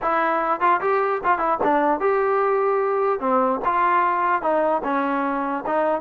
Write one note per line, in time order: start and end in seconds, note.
0.02 0.60 E4
0.60 0.80 F4
0.81 1.21 G4
1.24 1.38 F4
1.38 1.58 E4
1.63 2.00 D4
2.00 3.20 G4
3.20 3.60 C4
3.64 4.41 F4
4.41 4.82 D#4
4.83 5.64 C#4
5.66 6.01 D#4